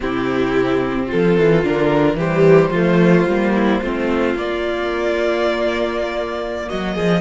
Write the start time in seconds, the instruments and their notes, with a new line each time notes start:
0.00 cello C3, viola C4, violin E4 G4
1.06 violin F4 A4
1.13 cello F3
1.38 cello E3
1.63 cello D3, viola D4, violin A#4
2.14 cello E3, viola G3, violin G4 C5
2.70 cello F3, viola A3, violin F4
3.26 cello G3, viola A#3
3.55 violin E4
3.81 cello A3, viola C4, violin F4
4.35 cello A#3, viola A#3, violin D5
6.68 cello F#3, violin F#4 D#5
6.95 cello F3, violin G#4